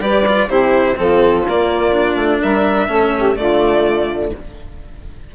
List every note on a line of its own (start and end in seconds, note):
0.00 0.48 G3
0.00 0.25 G4
0.00 0.48 B4
0.00 0.49 D5
0.28 0.50 F4
0.48 0.96 C3
0.48 0.96 E4
0.48 0.96 G4
0.48 0.98 C5
0.96 1.47 F3
0.96 1.44 C4
0.96 2.41 F4
0.96 1.47 A4
1.48 2.16 A#3
1.48 1.93 A#3
1.48 2.42 D5
1.93 2.89 D4
2.16 2.40 A3
2.41 2.88 G3
2.41 2.89 A#4
2.41 3.37 E5
2.88 3.36 A3
2.88 3.35 C#4
2.88 3.14 A4
3.18 3.39 G4
3.35 4.34 D3
3.35 4.31 A3
3.35 4.35 F4
3.35 4.33 D5